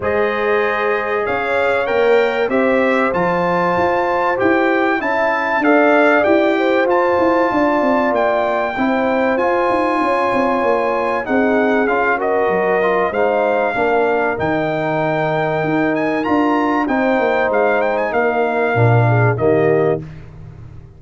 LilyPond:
<<
  \new Staff \with { instrumentName = "trumpet" } { \time 4/4 \tempo 4 = 96 dis''2 f''4 g''4 | e''4 a''2 g''4 | a''4 f''4 g''4 a''4~ | a''4 g''2 gis''4~ |
gis''2 fis''4 f''8 dis''8~ | dis''4 f''2 g''4~ | g''4. gis''8 ais''4 g''4 | f''8 g''16 gis''16 f''2 dis''4 | }
  \new Staff \with { instrumentName = "horn" } { \time 4/4 c''2 cis''2 | c''1 | e''4 d''4. c''4. | d''2 c''2 |
cis''2 gis'4. ais'8~ | ais'4 c''4 ais'2~ | ais'2. c''4~ | c''4 ais'4. gis'8 g'4 | }
  \new Staff \with { instrumentName = "trombone" } { \time 4/4 gis'2. ais'4 | g'4 f'2 g'4 | e'4 a'4 g'4 f'4~ | f'2 e'4 f'4~ |
f'2 dis'4 f'8 fis'8~ | fis'8 f'8 dis'4 d'4 dis'4~ | dis'2 f'4 dis'4~ | dis'2 d'4 ais4 | }
  \new Staff \with { instrumentName = "tuba" } { \time 4/4 gis2 cis'4 ais4 | c'4 f4 f'4 e'4 | cis'4 d'4 e'4 f'8 e'8 | d'8 c'8 ais4 c'4 f'8 dis'8 |
cis'8 c'8 ais4 c'4 cis'4 | fis4 gis4 ais4 dis4~ | dis4 dis'4 d'4 c'8 ais8 | gis4 ais4 ais,4 dis4 | }
>>